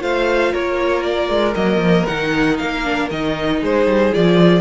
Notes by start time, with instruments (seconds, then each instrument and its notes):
0.00 cello A3, viola F4, violin C5 F5
0.53 cello A#3, violin A#4 C#5
1.03 violin D5
1.30 cello G#3
1.55 cello F#3, viola A#3, violin D#5
1.78 cello F3
2.06 cello D#3, viola D#4, violin F#5
2.58 cello A#3, violin F5
2.84 viola D4
3.11 cello D#3, viola D#4, violin D#5
3.61 cello G#3, violin G#4 C5
3.86 cello G3
4.13 cello F3, viola F4, violin D5